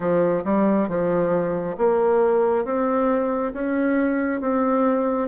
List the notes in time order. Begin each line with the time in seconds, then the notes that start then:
0.00 F3
0.44 G3
0.88 F3
1.77 A#3
2.64 C4
3.53 C#4
4.40 C4